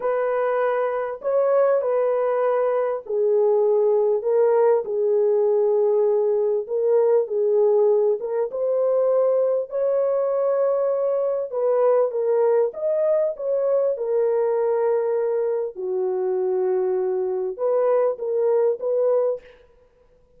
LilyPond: \new Staff \with { instrumentName = "horn" } { \time 4/4 \tempo 4 = 99 b'2 cis''4 b'4~ | b'4 gis'2 ais'4 | gis'2. ais'4 | gis'4. ais'8 c''2 |
cis''2. b'4 | ais'4 dis''4 cis''4 ais'4~ | ais'2 fis'2~ | fis'4 b'4 ais'4 b'4 | }